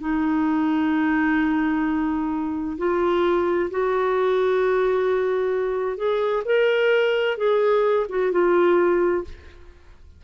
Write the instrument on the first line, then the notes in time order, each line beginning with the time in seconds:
clarinet
0.00 D#4
2.77 F4
3.70 F#4
5.97 G#4
6.45 A#4
7.37 G#4
8.09 F#4
8.32 F4